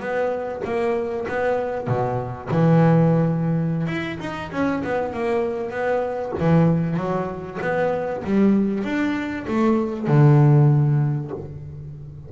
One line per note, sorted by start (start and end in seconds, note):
0.00 0.62 B3
0.64 1.26 A#3
1.28 1.87 B3
1.87 2.49 B2
2.51 3.87 E3
3.87 4.18 E4
4.20 4.51 D#4
4.52 4.82 C#4
4.83 5.13 B3
5.13 5.70 A#3
5.70 6.32 B3
6.39 6.96 E3
6.96 7.58 F#3
7.61 8.23 B3
8.24 8.84 G3
8.84 9.46 D4
9.47 10.07 A3
10.07 11.31 D3